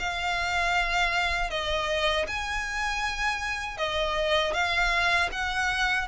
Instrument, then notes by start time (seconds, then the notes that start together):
violin
0.00 F5
1.51 D#5
2.28 G#5
3.78 D#5
4.54 F5
5.32 F#5